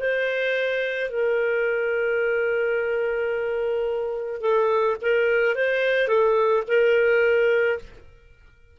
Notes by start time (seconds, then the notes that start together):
0.00 C5
1.10 A#4
4.41 A4
5.02 A#4
5.56 C5
6.08 A4
6.68 A#4